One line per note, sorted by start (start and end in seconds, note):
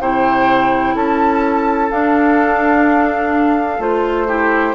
0.00 0.95 C3
0.00 1.91 E4
0.00 0.95 C5
0.00 0.96 G5
0.95 1.90 C#4
0.95 4.28 A4
0.95 1.91 A5
1.91 3.79 D4
1.91 3.80 D4
1.91 3.81 F5
3.79 4.74 A3
3.79 4.27 F4
3.79 4.74 C5
4.28 4.74 E4
4.28 4.74 G4